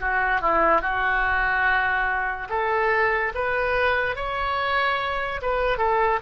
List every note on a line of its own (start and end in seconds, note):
0.00 0.41 F#4
0.41 0.81 E4
0.81 2.48 F#4
2.50 3.33 A4
3.35 4.16 B4
4.16 5.41 C#5
5.42 5.78 B4
5.78 6.20 A4